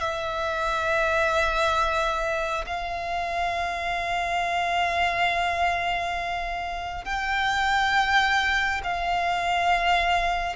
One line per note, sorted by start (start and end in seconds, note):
0.00 2.65 E5
2.66 7.05 F5
7.05 8.81 G5
8.84 10.56 F5